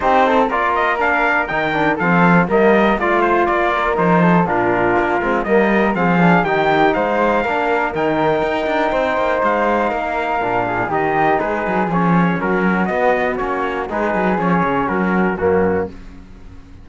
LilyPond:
<<
  \new Staff \with { instrumentName = "trumpet" } { \time 4/4 \tempo 4 = 121 c''4 d''8 dis''8 f''4 g''4 | f''4 dis''4 d''8 c''8 d''4 | c''4 ais'2 dis''4 | f''4 g''4 f''2 |
g''2. f''4~ | f''2 dis''4 b'4 | cis''4 ais'4 dis''4 cis''4 | b'4 cis''4 ais'4 fis'4 | }
  \new Staff \with { instrumentName = "flute" } { \time 4/4 g'8 a'8 ais'2. | a'4 ais'4 f'4. ais'8~ | ais'8 a'8 f'2 ais'4 | gis'4 g'4 c''4 ais'4~ |
ais'2 c''2 | ais'4. gis'8 g'4 gis'4~ | gis'4 fis'2. | gis'2 fis'4 cis'4 | }
  \new Staff \with { instrumentName = "trombone" } { \time 4/4 dis'4 f'4 d'4 dis'8 d'8 | c'4 ais4 f'2 | dis'4 d'4. c'8 ais4 | c'8 d'8 dis'2 d'4 |
dis'1~ | dis'4 d'4 dis'2 | cis'2 b4 cis'4 | dis'4 cis'2 ais4 | }
  \new Staff \with { instrumentName = "cello" } { \time 4/4 c'4 ais2 dis4 | f4 g4 a4 ais4 | f4 ais,4 ais8 gis8 g4 | f4 dis4 gis4 ais4 |
dis4 dis'8 d'8 c'8 ais8 gis4 | ais4 ais,4 dis4 gis8 fis8 | f4 fis4 b4 ais4 | gis8 fis8 f8 cis8 fis4 fis,4 | }
>>